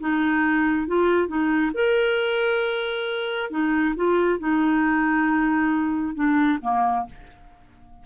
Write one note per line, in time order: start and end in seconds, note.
0.00 0.87 D#4
0.87 1.28 F4
1.28 1.72 D#4
1.74 3.50 A#4
3.51 3.95 D#4
3.96 4.39 F4
4.39 6.15 D#4
6.15 6.59 D4
6.62 7.06 A#3